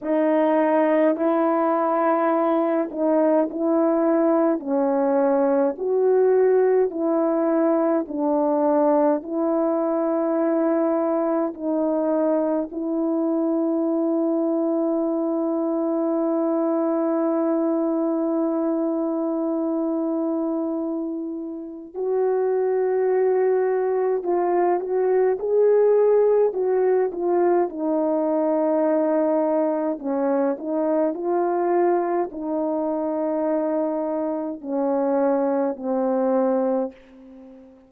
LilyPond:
\new Staff \with { instrumentName = "horn" } { \time 4/4 \tempo 4 = 52 dis'4 e'4. dis'8 e'4 | cis'4 fis'4 e'4 d'4 | e'2 dis'4 e'4~ | e'1~ |
e'2. fis'4~ | fis'4 f'8 fis'8 gis'4 fis'8 f'8 | dis'2 cis'8 dis'8 f'4 | dis'2 cis'4 c'4 | }